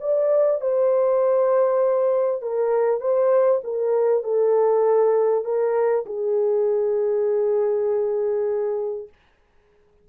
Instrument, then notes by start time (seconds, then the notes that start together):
horn
0.00 D5
0.61 C5
2.42 A#4
3.00 C5
3.63 A#4
4.23 A4
5.44 A#4
6.06 G#4